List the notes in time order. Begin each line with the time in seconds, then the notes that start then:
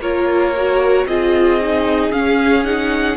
0.00 A#3 F4 A#4 C#5
0.57 F#4
1.06 C4 F4 G#4 D#5
1.61 D#4
2.12 C#4 F5
2.64 D#4 F#5